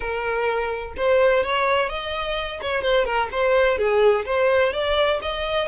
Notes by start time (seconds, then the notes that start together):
0.00 A#4
0.96 C5
1.43 C#5
1.89 D#5
2.61 C#5
2.82 C5
3.05 A#4
3.31 C5
3.78 G#4
4.25 C5
4.72 D5
5.21 D#5